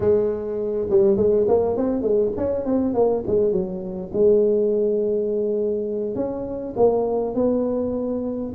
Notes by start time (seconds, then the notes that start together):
0.00 G#3
0.90 G3
1.17 G#3
1.48 A#3
1.76 C4
2.02 G#3
2.37 C#4
2.65 C4
2.94 A#3
3.26 G#3
3.51 F#3
4.13 G#3
6.15 C#4
6.76 A#3
7.34 B3